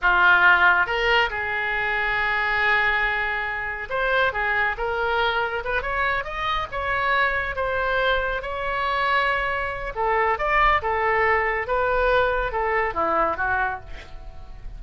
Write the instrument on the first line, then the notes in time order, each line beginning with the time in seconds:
oboe
0.01 F4
0.86 A#4
1.29 G#4
3.89 C5
4.32 G#4
4.77 A#4
5.64 B4
5.82 C#5
6.24 D#5
6.71 C#5
7.55 C5
8.42 C#5
9.95 A4
10.38 D5
10.82 A4
11.67 B4
12.52 A4
12.94 E4
13.37 F#4